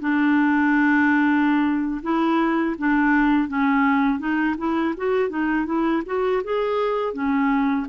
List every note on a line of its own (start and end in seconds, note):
0.00 2.01 D4
2.02 2.75 E4
2.78 3.48 D4
3.48 4.18 C#4
4.18 4.55 D#4
4.58 4.94 E4
4.97 5.29 F#4
5.29 5.65 D#4
5.65 6.02 E4
6.06 6.42 F#4
6.43 7.13 G#4
7.13 7.86 C#4